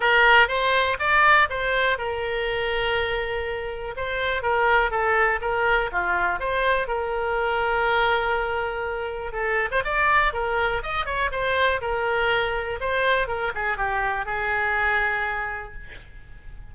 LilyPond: \new Staff \with { instrumentName = "oboe" } { \time 4/4 \tempo 4 = 122 ais'4 c''4 d''4 c''4 | ais'1 | c''4 ais'4 a'4 ais'4 | f'4 c''4 ais'2~ |
ais'2. a'8. c''16 | d''4 ais'4 dis''8 cis''8 c''4 | ais'2 c''4 ais'8 gis'8 | g'4 gis'2. | }